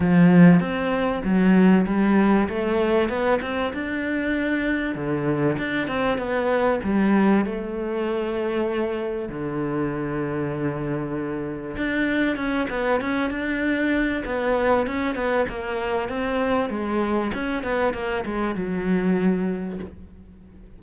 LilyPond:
\new Staff \with { instrumentName = "cello" } { \time 4/4 \tempo 4 = 97 f4 c'4 fis4 g4 | a4 b8 c'8 d'2 | d4 d'8 c'8 b4 g4 | a2. d4~ |
d2. d'4 | cis'8 b8 cis'8 d'4. b4 | cis'8 b8 ais4 c'4 gis4 | cis'8 b8 ais8 gis8 fis2 | }